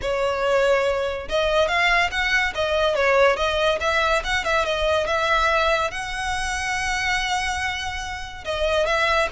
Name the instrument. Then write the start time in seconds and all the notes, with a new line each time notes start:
violin
0.01 C#5
1.28 D#5
1.67 F5
2.11 F#5
2.55 D#5
2.95 C#5
3.36 D#5
3.80 E5
4.23 F#5
4.44 E5
4.65 D#5
5.06 E5
5.90 F#5
8.44 D#5
8.86 E5